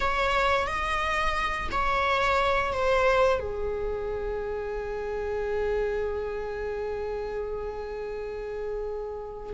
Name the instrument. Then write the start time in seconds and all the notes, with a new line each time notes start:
viola
0.00 C#5
0.66 D#5
1.71 C#5
2.72 C5
3.39 G#4